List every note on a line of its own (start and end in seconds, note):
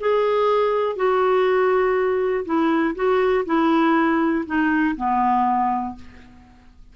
0.00 0.96 G#4
0.96 2.45 F#4
2.45 2.94 E4
2.95 3.45 F#4
3.46 4.45 E4
4.46 4.95 D#4
4.96 5.95 B3